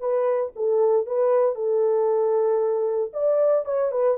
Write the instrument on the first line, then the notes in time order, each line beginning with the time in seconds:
horn
0.00 B4
0.55 A4
1.06 B4
1.55 A4
3.13 D5
3.65 C#5
3.92 B4